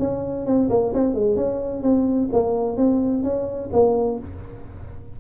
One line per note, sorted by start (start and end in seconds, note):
0.00 0.47 C#4
0.47 0.70 C4
0.70 0.94 A#3
0.94 1.15 C4
1.15 1.37 G#3
1.37 1.83 C#4
1.83 2.30 C4
2.33 2.77 A#3
2.77 3.24 C4
3.24 3.70 C#4
3.73 4.19 A#3